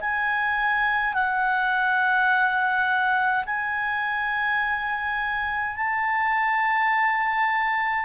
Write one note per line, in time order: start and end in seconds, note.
0.00 1.13 G#5
1.13 3.44 F#5
3.45 5.76 G#5
5.76 8.05 A5